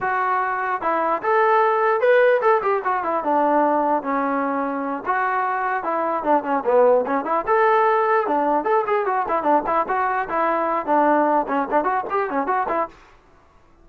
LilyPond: \new Staff \with { instrumentName = "trombone" } { \time 4/4 \tempo 4 = 149 fis'2 e'4 a'4~ | a'4 b'4 a'8 g'8 fis'8 e'8 | d'2 cis'2~ | cis'8 fis'2 e'4 d'8 |
cis'8 b4 cis'8 e'8 a'4.~ | a'8 d'4 a'8 gis'8 fis'8 e'8 d'8 | e'8 fis'4 e'4. d'4~ | d'8 cis'8 d'8 fis'8 g'8 cis'8 fis'8 e'8 | }